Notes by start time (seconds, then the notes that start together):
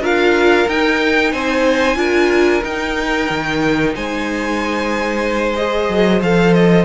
0.00 D4 F4 A#4 F5
0.68 D#4 G5
1.31 C4 C5 G#5
1.95 D4 F4 A#4
2.63 D#4 G5
3.29 D#3
3.95 G#3 C5 G#5
5.56 G#4 D#5
5.89 F#3
6.21 F3 A4 F5
6.53 D#5